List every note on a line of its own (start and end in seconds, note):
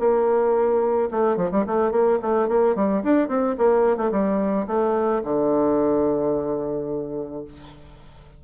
0.00 1.10 A#3
1.12 1.37 A3
1.37 1.51 F3
1.52 1.65 G3
1.67 1.92 A3
1.92 2.19 A#3
2.22 2.48 A3
2.48 2.76 A#3
2.76 3.03 G3
3.04 3.29 D4
3.29 3.56 C4
3.58 3.98 A#3
3.98 4.11 A3
4.12 4.67 G3
4.67 5.22 A3
5.24 7.45 D3